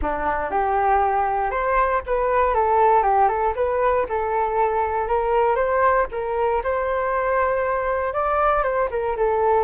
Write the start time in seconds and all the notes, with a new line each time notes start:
0.01 D4
0.50 G4
1.50 C5
2.06 B4
2.54 A4
3.03 G4
3.28 A4
3.55 B4
4.09 A4
5.07 A#4
5.55 C5
6.11 A#4
6.63 C5
8.13 D5
8.63 C5
8.91 A#4
9.16 A4